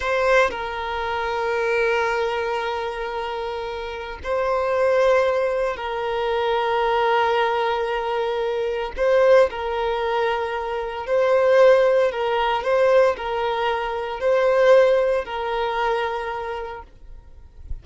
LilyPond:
\new Staff \with { instrumentName = "violin" } { \time 4/4 \tempo 4 = 114 c''4 ais'2.~ | ais'1 | c''2. ais'4~ | ais'1~ |
ais'4 c''4 ais'2~ | ais'4 c''2 ais'4 | c''4 ais'2 c''4~ | c''4 ais'2. | }